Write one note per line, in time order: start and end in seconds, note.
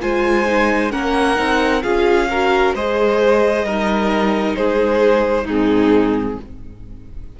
0.00 0.92 G#3
0.00 0.45 F4
0.00 0.91 C5
0.00 0.91 G#5
0.45 0.90 D#4
0.90 1.38 A#3
0.90 1.35 C#4
0.90 1.82 A#4
0.90 1.82 F#5
1.35 1.83 C4
1.35 1.81 D#4
1.82 2.74 C#4
1.82 2.28 F4
1.82 2.28 G#4
1.82 2.73 F5
2.29 2.76 F#4
2.29 2.75 A#4
2.74 3.64 G#3
2.74 3.67 G#4
2.74 3.65 C5
2.74 4.55 D#5
3.64 4.55 G3
3.64 5.48 D#4
3.64 4.56 A#4
4.55 5.45 G#3
4.55 5.44 G#4
4.55 5.46 C5
5.44 6.36 G#2
5.44 6.39 C4
5.44 6.35 D#4
5.44 6.39 G#4